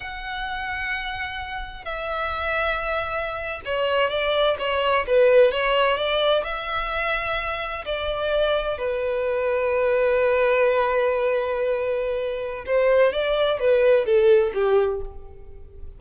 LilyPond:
\new Staff \with { instrumentName = "violin" } { \time 4/4 \tempo 4 = 128 fis''1 | e''2.~ e''8. cis''16~ | cis''8. d''4 cis''4 b'4 cis''16~ | cis''8. d''4 e''2~ e''16~ |
e''8. d''2 b'4~ b'16~ | b'1~ | b'2. c''4 | d''4 b'4 a'4 g'4 | }